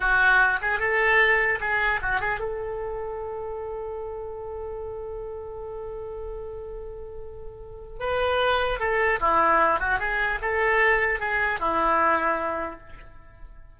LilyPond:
\new Staff \with { instrumentName = "oboe" } { \time 4/4 \tempo 4 = 150 fis'4. gis'8 a'2 | gis'4 fis'8 gis'8 a'2~ | a'1~ | a'1~ |
a'1 | b'2 a'4 e'4~ | e'8 fis'8 gis'4 a'2 | gis'4 e'2. | }